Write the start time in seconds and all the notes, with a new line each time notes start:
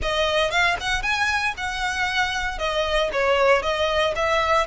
0.02 D#5
0.50 F5
0.80 F#5
1.02 G#5
1.57 F#5
2.58 D#5
3.12 C#5
3.62 D#5
4.15 E5